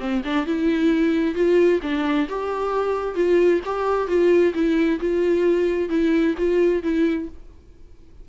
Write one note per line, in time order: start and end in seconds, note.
0.00 0.23 C4
0.25 0.46 D4
0.46 1.35 E4
1.35 1.81 F4
1.83 2.28 D4
2.29 3.15 G4
3.15 3.61 F4
3.65 4.08 G4
4.08 4.54 F4
4.54 5.00 E4
5.00 5.90 F4
5.90 6.35 E4
6.38 6.83 F4
6.83 7.29 E4